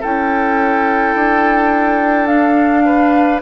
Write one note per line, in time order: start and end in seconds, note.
0.00 1.15 C#4
0.00 2.28 E4
0.00 2.83 A4
0.00 2.27 G5
1.15 3.41 D4
2.27 3.42 D4
2.27 3.40 F5
2.85 3.42 B4